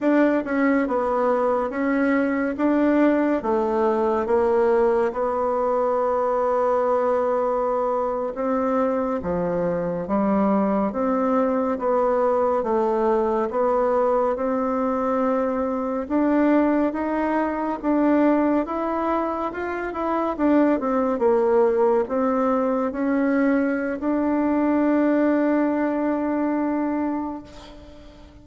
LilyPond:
\new Staff \with { instrumentName = "bassoon" } { \time 4/4 \tempo 4 = 70 d'8 cis'8 b4 cis'4 d'4 | a4 ais4 b2~ | b4.~ b16 c'4 f4 g16~ | g8. c'4 b4 a4 b16~ |
b8. c'2 d'4 dis'16~ | dis'8. d'4 e'4 f'8 e'8 d'16~ | d'16 c'8 ais4 c'4 cis'4~ cis'16 | d'1 | }